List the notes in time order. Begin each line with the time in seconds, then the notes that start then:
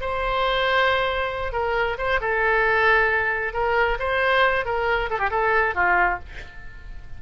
0.00 C5
1.52 A#4
1.98 C5
2.21 A4
3.53 A#4
3.99 C5
4.65 A#4
5.10 A4
5.18 G4
5.30 A4
5.74 F4